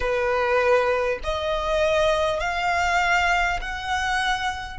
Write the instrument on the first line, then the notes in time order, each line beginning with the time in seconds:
violin
0.00 B4
1.23 D#5
2.39 F5
3.60 F#5